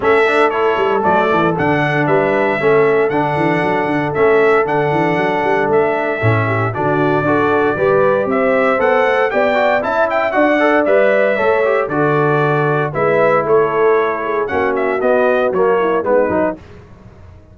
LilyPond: <<
  \new Staff \with { instrumentName = "trumpet" } { \time 4/4 \tempo 4 = 116 e''4 cis''4 d''4 fis''4 | e''2 fis''2 | e''4 fis''2 e''4~ | e''4 d''2. |
e''4 fis''4 g''4 a''8 g''8 | fis''4 e''2 d''4~ | d''4 e''4 cis''2 | fis''8 e''8 dis''4 cis''4 b'4 | }
  \new Staff \with { instrumentName = "horn" } { \time 4/4 a'1 | b'4 a'2.~ | a'1~ | a'8 g'8 fis'4 a'4 b'4 |
c''2 d''4 e''4 | d''2 cis''4 a'4~ | a'4 b'4 a'4. gis'8 | fis'2~ fis'8 e'8 dis'4 | }
  \new Staff \with { instrumentName = "trombone" } { \time 4/4 cis'8 d'8 e'4 a4 d'4~ | d'4 cis'4 d'2 | cis'4 d'2. | cis'4 d'4 fis'4 g'4~ |
g'4 a'4 g'8 fis'8 e'4 | fis'8 a'8 b'4 a'8 g'8 fis'4~ | fis'4 e'2. | cis'4 b4 ais4 b8 dis'8 | }
  \new Staff \with { instrumentName = "tuba" } { \time 4/4 a4. g8 fis8 e8 d4 | g4 a4 d8 e8 fis8 d8 | a4 d8 e8 fis8 g8 a4 | a,4 d4 d'4 g4 |
c'4 b8 a8 b4 cis'4 | d'4 g4 a4 d4~ | d4 gis4 a2 | ais4 b4 fis4 gis8 fis8 | }
>>